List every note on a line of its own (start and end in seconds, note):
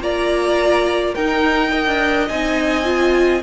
0.00 1.14 A#3
0.00 1.16 F4
0.00 1.14 D5
0.00 1.15 A#5
1.14 1.87 D#4
1.14 1.71 D#4
1.14 1.71 A#4
1.14 2.28 G5
1.71 2.28 A#4
1.71 3.42 D#5
1.87 2.29 D4
2.28 3.43 C4
2.28 2.84 D#4
2.28 3.43 G#5
2.84 3.41 F4